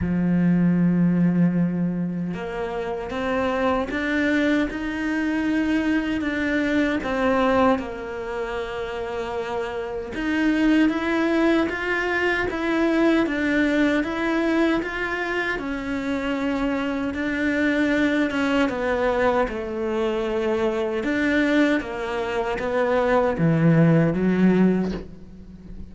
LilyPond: \new Staff \with { instrumentName = "cello" } { \time 4/4 \tempo 4 = 77 f2. ais4 | c'4 d'4 dis'2 | d'4 c'4 ais2~ | ais4 dis'4 e'4 f'4 |
e'4 d'4 e'4 f'4 | cis'2 d'4. cis'8 | b4 a2 d'4 | ais4 b4 e4 fis4 | }